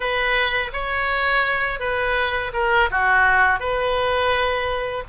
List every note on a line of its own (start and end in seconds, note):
0.00 0.71 B4
0.72 1.79 C#5
1.79 2.51 B4
2.53 2.89 A#4
2.90 3.59 F#4
3.59 5.04 B4